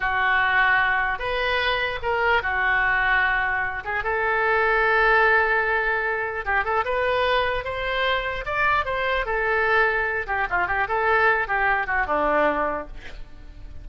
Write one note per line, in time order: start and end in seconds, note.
0.00 1.18 F#4
1.18 1.99 B4
2.02 2.42 A#4
2.42 3.83 F#4
3.84 4.03 G#4
4.03 6.45 A4
6.45 6.64 G4
6.64 6.84 A4
6.84 7.64 B4
7.64 8.45 C5
8.45 8.85 D5
8.85 9.25 C5
9.25 10.26 A4
10.26 10.47 G4
10.50 10.67 F4
10.67 10.87 G4
10.87 11.47 A4
11.47 11.86 G4
11.86 12.06 F#4
12.06 12.87 D4